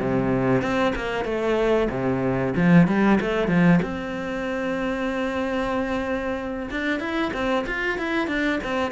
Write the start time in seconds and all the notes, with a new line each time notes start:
0.00 C3
0.62 C4
0.96 A#3
1.25 A3
1.90 C3
2.56 F3
2.88 G3
3.21 A3
3.48 F3
3.83 C4
6.71 D4
7.00 E4
7.34 C4
7.67 F4
7.98 E4
8.28 D4
8.64 C4